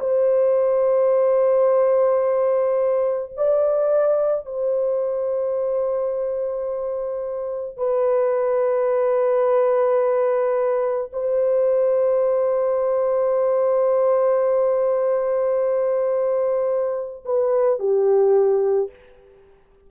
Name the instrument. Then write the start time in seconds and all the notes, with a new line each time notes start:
horn
0.00 C5
3.37 D5
4.45 C5
7.77 B4
11.13 C5
17.25 B4
17.79 G4